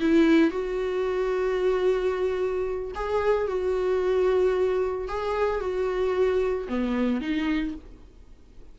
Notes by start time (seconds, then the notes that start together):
0.00 E4
0.50 F#4
2.95 G#4
3.47 F#4
5.08 G#4
5.60 F#4
6.68 B3
7.21 D#4